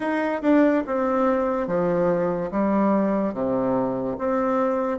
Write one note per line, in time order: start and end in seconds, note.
0.00 0.41 D#4
0.42 0.83 D4
0.86 1.67 C4
1.67 2.50 F3
2.51 3.33 G3
3.33 4.17 C3
4.18 4.98 C4